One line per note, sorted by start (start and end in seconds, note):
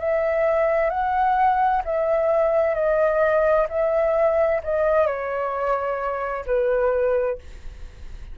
0.00 0.90 E5
0.90 1.83 F#5
1.85 2.75 E5
2.75 3.67 D#5
3.70 4.62 E5
4.64 5.07 D#5
5.07 6.45 C#5
6.47 7.39 B4